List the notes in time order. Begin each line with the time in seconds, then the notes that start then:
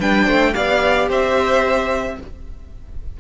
0.00 G3 D4 B4 G5
0.25 A3 C5
0.54 B3 G4 D5 F5
1.09 C4 C5 E5